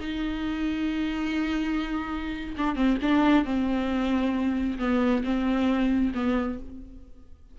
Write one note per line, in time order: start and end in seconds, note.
0.00 2.56 D#4
2.58 2.76 D4
2.76 2.98 C4
3.02 3.45 D4
3.45 4.78 C4
4.79 5.23 B3
5.24 6.13 C4
6.15 6.59 B3